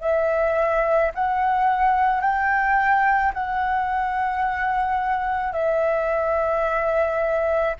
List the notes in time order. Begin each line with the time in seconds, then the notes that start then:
0.00 E5
1.14 F#5
2.21 G5
3.33 F#5
5.53 E5